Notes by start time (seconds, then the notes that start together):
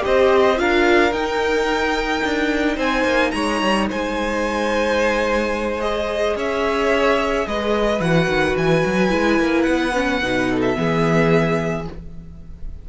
0.00 G4 C5 D#5
0.06 C4
0.56 D4 F4 A#4 F5
1.12 D#4 G5
2.24 D4
2.75 C4 C5 G#5
3.04 A#3
3.31 G#3 C#5 A#5
3.62 G3
3.89 G#3 C5 G#5
5.80 G#4 D#5
6.36 C#4 C#5 E5
7.47 G#3 B4 D#5
8.00 E3 F#4 F#5
8.28 D#3
8.57 E3 G#5
8.86 F#3
9.09 G#3 E4
9.39 A#3
9.62 B3 F#5
9.93 C#4
10.21 B2 D#4
10.50 A4
10.62 E5
10.75 E3 B3 G#4